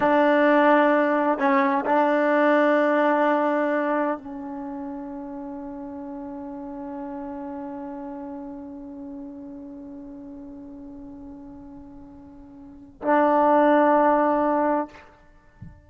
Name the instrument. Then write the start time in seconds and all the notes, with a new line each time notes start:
trombone
0.00 D4
1.38 C#4
1.85 D4
4.18 C#4
13.01 D4